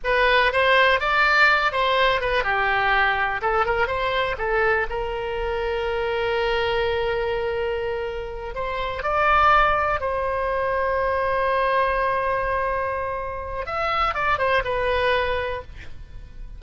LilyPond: \new Staff \with { instrumentName = "oboe" } { \time 4/4 \tempo 4 = 123 b'4 c''4 d''4. c''8~ | c''8 b'8 g'2 a'8 ais'8 | c''4 a'4 ais'2~ | ais'1~ |
ais'4. c''4 d''4.~ | d''8 c''2.~ c''8~ | c''1 | e''4 d''8 c''8 b'2 | }